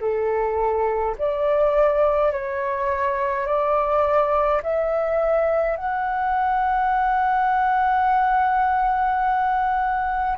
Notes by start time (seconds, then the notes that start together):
0.00 A4
1.18 D5
2.32 C#5
3.46 D5
4.63 E5
5.76 F#5